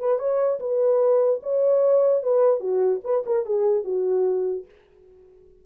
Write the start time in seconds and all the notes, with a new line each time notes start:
0.00 B4
0.19 C#5
0.60 B4
1.43 C#5
2.23 B4
2.60 F#4
3.04 B4
3.26 A#4
3.46 G#4
3.84 F#4